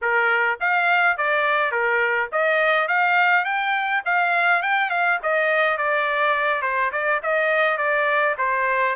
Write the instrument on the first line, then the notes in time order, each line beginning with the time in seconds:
trumpet
0.01 A#4
0.60 F5
1.17 D5
1.71 A#4
2.32 D#5
2.88 F5
3.44 G5
4.05 F5
4.62 G5
4.90 F5
5.22 D#5
5.77 D5
6.62 C5
6.92 D5
7.22 D#5
7.77 D5
8.38 C5